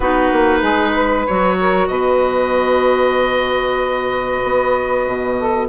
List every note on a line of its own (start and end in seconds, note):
0.00 0.30 B3
0.00 1.27 D#4
0.00 0.60 F#4
0.00 1.26 B4
0.32 0.62 A#3
0.61 1.25 G#3
0.61 0.92 G#4
0.94 1.57 B4
1.26 1.88 F#3
1.26 5.68 F#4
1.26 1.87 C#5
1.60 1.89 A#4
1.87 4.40 B2
1.87 5.36 B4
1.87 5.66 D#5
4.44 5.06 B3
5.06 5.68 B2
5.38 5.68 A4